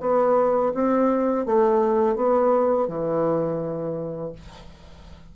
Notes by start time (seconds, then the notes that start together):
0.00 B3
0.74 C4
1.45 A3
2.16 B3
2.88 E3